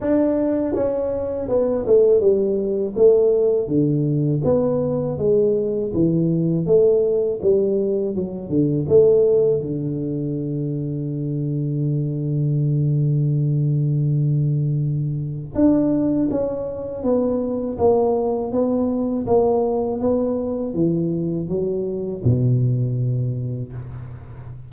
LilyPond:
\new Staff \with { instrumentName = "tuba" } { \time 4/4 \tempo 4 = 81 d'4 cis'4 b8 a8 g4 | a4 d4 b4 gis4 | e4 a4 g4 fis8 d8 | a4 d2.~ |
d1~ | d4 d'4 cis'4 b4 | ais4 b4 ais4 b4 | e4 fis4 b,2 | }